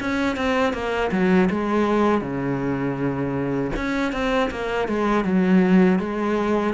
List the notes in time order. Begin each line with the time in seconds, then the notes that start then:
0.00 C#4
0.37 C4
0.73 A#3
1.12 F#3
1.50 G#3
2.22 C#3
3.76 C#4
4.12 C4
4.51 A#3
4.88 G#3
5.25 F#3
5.99 G#3